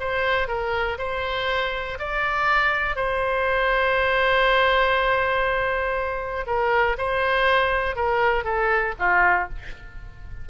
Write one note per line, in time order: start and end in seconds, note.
0.00 0.48 C5
0.48 0.98 A#4
0.98 1.98 C5
1.99 2.96 D5
2.96 6.46 C5
6.47 6.97 A#4
6.98 7.96 C5
7.96 8.44 A#4
8.44 8.94 A4
8.99 9.49 F4